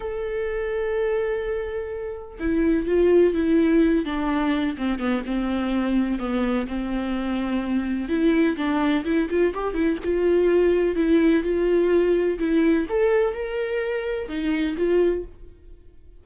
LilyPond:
\new Staff \with { instrumentName = "viola" } { \time 4/4 \tempo 4 = 126 a'1~ | a'4 e'4 f'4 e'4~ | e'8 d'4. c'8 b8 c'4~ | c'4 b4 c'2~ |
c'4 e'4 d'4 e'8 f'8 | g'8 e'8 f'2 e'4 | f'2 e'4 a'4 | ais'2 dis'4 f'4 | }